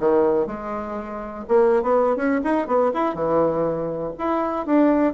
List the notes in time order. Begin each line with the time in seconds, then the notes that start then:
0.00 D#3
0.46 G#3
1.48 A#3
1.83 B3
2.16 C#4
2.44 D#4
2.67 B3
2.94 E4
3.15 E3
4.18 E4
4.66 D4